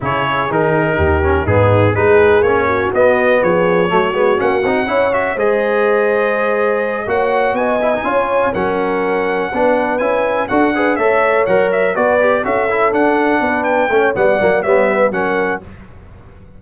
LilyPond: <<
  \new Staff \with { instrumentName = "trumpet" } { \time 4/4 \tempo 4 = 123 cis''4 ais'2 gis'4 | b'4 cis''4 dis''4 cis''4~ | cis''4 fis''4. e''8 dis''4~ | dis''2~ dis''8 fis''4 gis''8~ |
gis''4. fis''2~ fis''8~ | fis''8 gis''4 fis''4 e''4 fis''8 | e''8 d''4 e''4 fis''4. | g''4 fis''4 e''4 fis''4 | }
  \new Staff \with { instrumentName = "horn" } { \time 4/4 gis'2 g'4 dis'4 | gis'4. fis'4. gis'4 | fis'2 cis''4 c''4~ | c''2~ c''8 cis''4 dis''8~ |
dis''8 cis''4 ais'2 b'8~ | b'4. a'8 b'8 cis''4.~ | cis''8 b'4 a'2 b'8~ | b'8 cis''8 d''4 cis''8 b'8 ais'4 | }
  \new Staff \with { instrumentName = "trombone" } { \time 4/4 e'4 dis'4. cis'8 b4 | dis'4 cis'4 b2 | a8 b8 cis'8 dis'8 e'8 fis'8 gis'4~ | gis'2~ gis'8 fis'4. |
e'16 dis'16 f'4 cis'2 d'8~ | d'8 e'4 fis'8 gis'8 a'4 ais'8~ | ais'8 fis'8 g'8 fis'8 e'8 d'4.~ | d'8 cis'8 b8 ais8 b4 cis'4 | }
  \new Staff \with { instrumentName = "tuba" } { \time 4/4 cis4 dis4 dis,4 gis,4 | gis4 ais4 b4 f4 | fis8 gis8 ais8 c'8 cis'4 gis4~ | gis2~ gis8 ais4 b8~ |
b8 cis'4 fis2 b8~ | b8 cis'4 d'4 a4 fis8~ | fis8 b4 cis'4 d'4 b8~ | b8 a8 g8 fis8 g4 fis4 | }
>>